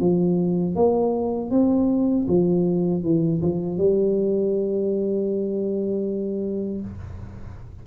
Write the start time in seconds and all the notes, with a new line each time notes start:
0.00 F3
0.76 A#3
1.51 C4
2.28 F3
3.03 E3
3.42 F3
3.78 G3